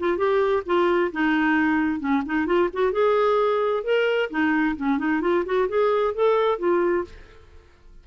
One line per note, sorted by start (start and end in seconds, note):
0.00 0.18 F4
0.18 0.63 G4
0.66 1.12 F4
1.13 2.00 D#4
2.00 2.23 C#4
2.27 2.47 D#4
2.47 2.70 F4
2.74 2.93 F#4
2.93 3.84 G#4
3.85 4.30 A#4
4.31 4.77 D#4
4.77 4.99 C#4
4.99 5.22 D#4
5.22 5.45 F4
5.46 5.69 F#4
5.69 6.15 G#4
6.15 6.59 A4
6.59 7.05 F4